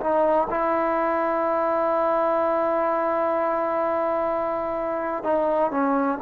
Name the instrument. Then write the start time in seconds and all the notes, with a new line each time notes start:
trombone
0.00 D#4
0.50 E4
5.23 D#4
5.71 C#4